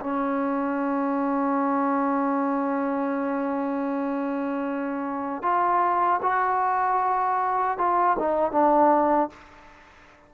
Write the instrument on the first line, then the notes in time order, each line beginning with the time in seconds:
trombone
0.00 C#4
5.42 F4
6.22 F#4
7.78 F4
8.19 D#4
8.51 D4